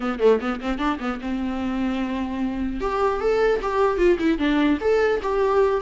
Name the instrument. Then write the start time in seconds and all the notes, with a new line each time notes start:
viola
0.00 B3
0.19 A3
0.40 B3
0.61 C4
0.78 D4
0.99 B3
1.21 C4
2.80 G4
3.20 A4
3.61 G4
3.97 F4
4.19 E4
4.38 D4
4.80 A4
5.22 G4